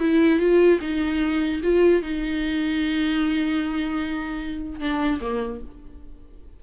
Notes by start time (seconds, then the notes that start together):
0.00 E4
0.40 F4
0.81 D#4
1.63 F4
2.02 D#4
4.80 D4
5.21 A#3